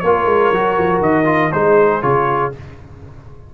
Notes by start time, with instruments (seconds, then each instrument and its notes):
0.00 tuba A#3, horn A#4, trumpet C#5
0.06 trombone F4
0.25 tuba G#3
0.53 tuba F#3, trombone F#4
0.78 tuba F3
1.00 tuba D#3, trumpet D#5
1.25 trombone F4
1.52 tuba G#3, trombone D#4, horn G#4, trumpet C5
2.02 tuba C#3, trombone F4, trumpet C#5